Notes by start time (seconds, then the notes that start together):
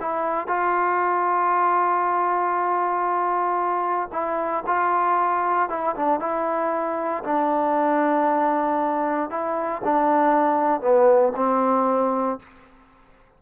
0.00 E4
0.47 F4
4.12 E4
4.66 F4
5.69 E4
5.96 D4
6.20 E4
7.23 D4
9.30 E4
9.84 D4
10.81 B3
11.35 C4